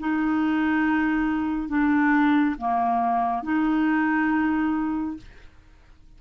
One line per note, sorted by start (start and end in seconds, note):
0.00 1.69 D#4
1.69 2.56 D4
2.58 3.43 A#3
3.43 5.17 D#4